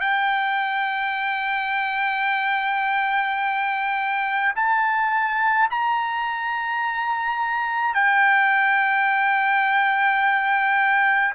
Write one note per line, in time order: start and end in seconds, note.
0.00 4.53 G5
4.55 5.69 A5
5.70 7.94 A#5
7.94 11.34 G5